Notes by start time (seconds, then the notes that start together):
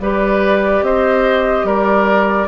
0.00 G3 G4 B4 D5
0.82 C4 C5 D#5
1.64 G3 A#4 D5